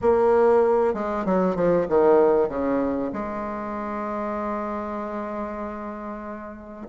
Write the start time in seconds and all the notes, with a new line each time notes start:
0.01 A#3
0.94 G#3
1.25 F#3
1.55 F3
1.88 D#3
2.49 C#3
3.12 G#3